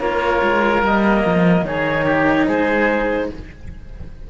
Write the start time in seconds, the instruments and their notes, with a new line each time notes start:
0.00 cello A#3 F4, oboe A#4, clarinet C#5
0.42 cello G#3
0.82 cello G3 A#3, clarinet D#5
1.26 cello F3
1.62 cello D#3 D#4, oboe G#4, clarinet C#5
2.05 oboe G4
2.48 cello G#3, oboe G#4, clarinet C5